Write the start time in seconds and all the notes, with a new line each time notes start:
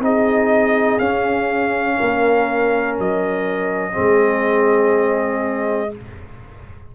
0.00 C4 D#4 G#4 D#5
0.99 C#4 F5
1.97 A#3 A#4
2.99 F#3 D#5
3.92 G#3 C4 G#4